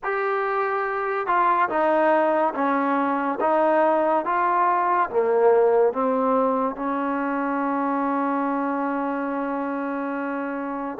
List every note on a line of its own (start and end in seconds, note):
0.03 1.26 G4
1.26 1.69 F4
1.69 2.54 D#4
2.54 3.38 C#4
3.40 4.25 D#4
4.25 5.09 F4
5.09 5.92 A#3
5.92 6.75 C4
6.75 10.98 C#4